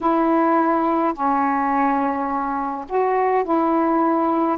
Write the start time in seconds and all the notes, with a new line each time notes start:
0.00 E4
1.13 C#4
2.88 F#4
3.43 E4